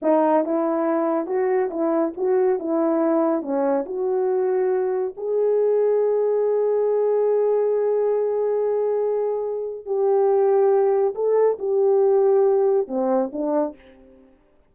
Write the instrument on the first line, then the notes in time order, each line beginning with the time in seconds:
horn
0.01 D#4
0.44 E4
1.26 F#4
1.70 E4
2.16 F#4
2.59 E4
3.41 C#4
3.85 F#4
5.16 G#4
9.85 G4
11.14 A4
11.59 G4
12.87 C4
13.32 D4